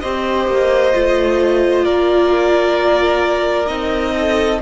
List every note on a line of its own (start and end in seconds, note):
0.00 0.47 C4
0.00 0.93 G4
0.00 1.85 C5
0.00 1.85 D#5
0.47 0.93 A#3
0.93 1.87 A3
0.93 3.66 F4
1.85 3.69 A#3
1.85 4.14 A#4
1.85 3.67 D5
3.66 4.61 C4
3.66 4.58 D#4
3.66 4.59 D#5
4.14 4.60 A4